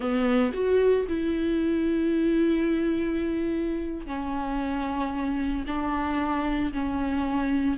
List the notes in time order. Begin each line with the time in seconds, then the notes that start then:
0.00 B3
0.53 F#4
1.08 E4
4.06 C#4
5.67 D4
6.72 C#4